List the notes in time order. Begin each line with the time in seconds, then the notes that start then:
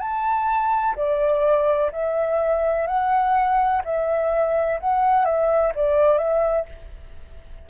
0.00 A5
0.96 D5
1.92 E5
2.87 F#5
3.85 E5
4.81 F#5
5.26 E5
5.75 D5
6.18 E5